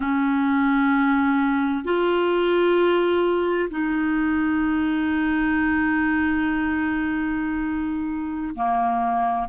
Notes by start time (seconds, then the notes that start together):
0.00 C#4
1.84 F4
3.70 D#4
8.55 A#3